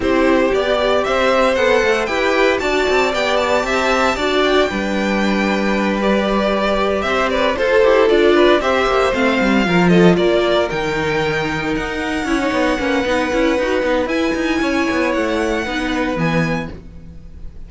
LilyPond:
<<
  \new Staff \with { instrumentName = "violin" } { \time 4/4 \tempo 4 = 115 c''4 d''4 e''4 fis''4 | g''4 a''4 g''8 a''4.~ | a''8 g''2. d''8~ | d''4. e''8 d''8 c''4 d''8~ |
d''8 e''4 f''4. dis''8 d''8~ | d''8 g''2 fis''4.~ | fis''2. gis''4~ | gis''4 fis''2 gis''4 | }
  \new Staff \with { instrumentName = "violin" } { \time 4/4 g'2 c''2 | b'4 d''2 e''4 | d''4 b'2.~ | b'4. c''8 b'8 a'4. |
b'8 c''2 ais'8 a'8 ais'8~ | ais'2.~ ais'8 cis''8~ | cis''8 b'2.~ b'8 | cis''2 b'2 | }
  \new Staff \with { instrumentName = "viola" } { \time 4/4 e'4 g'2 a'4 | g'4 fis'4 g'2 | fis'4 d'2~ d'8 g'8~ | g'2~ g'8 a'8 g'8 f'8~ |
f'8 g'4 c'4 f'4.~ | f'8 dis'2. e'16 dis'16~ | dis'8 cis'8 dis'8 e'8 fis'8 dis'8 e'4~ | e'2 dis'4 b4 | }
  \new Staff \with { instrumentName = "cello" } { \time 4/4 c'4 b4 c'4 b8 a8 | e'4 d'8 c'8 b4 c'4 | d'4 g2.~ | g4. c'4 f'8 e'8 d'8~ |
d'8 c'8 ais8 a8 g8 f4 ais8~ | ais8 dis2 dis'4 cis'8 | b8 ais8 b8 cis'8 dis'8 b8 e'8 dis'8 | cis'8 b8 a4 b4 e4 | }
>>